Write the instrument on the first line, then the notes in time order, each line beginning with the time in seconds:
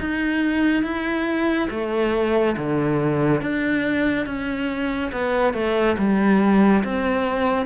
cello
0.00 D#4
0.83 E4
1.70 A3
2.57 D3
3.41 D4
4.26 C#4
5.12 B3
5.54 A3
5.98 G3
6.84 C4